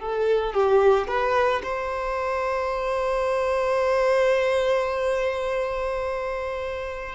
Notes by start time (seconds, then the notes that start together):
0.00 A4
0.54 G4
1.08 B4
1.63 C5